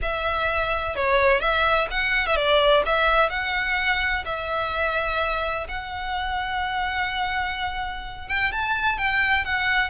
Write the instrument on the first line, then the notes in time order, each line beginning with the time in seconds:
violin
0.02 E5
0.95 C#5
1.40 E5
1.90 F#5
2.26 E5
2.35 D5
2.85 E5
3.29 F#5
4.25 E5
5.68 F#5
8.28 G5
8.52 A5
8.98 G5
9.45 F#5